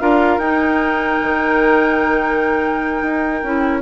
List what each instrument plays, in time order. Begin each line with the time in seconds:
0.00 bassoon D4, clarinet F4, oboe A#4, flute F5
0.39 bassoon D#4, clarinet D#4, flute G5
1.22 bassoon D#3
3.02 bassoon D#4
3.43 bassoon C#4, clarinet E4